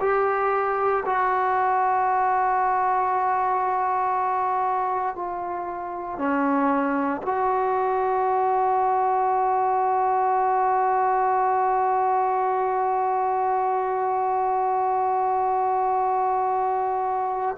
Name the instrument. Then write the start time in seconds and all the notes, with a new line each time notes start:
trombone
0.00 G4
1.05 F#4
5.15 F4
6.18 C#4
7.22 F#4